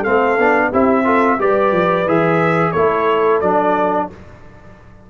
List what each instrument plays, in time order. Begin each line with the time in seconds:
0.00 trombone C4, horn A4, trumpet F5
0.07 tuba A3
0.39 tuba B3, trombone D4
0.71 tuba C4, trombone E4, horn G4, trumpet E5
1.05 trombone F4, horn A4
1.39 tuba G3, trombone G4, horn B4, trumpet D5
1.72 tuba F3
2.06 tuba E3, trombone G#4, trumpet E5
2.72 tuba A3, trombone E4, horn A4, trumpet C#5
3.41 tuba F#3, trombone D4, trumpet D5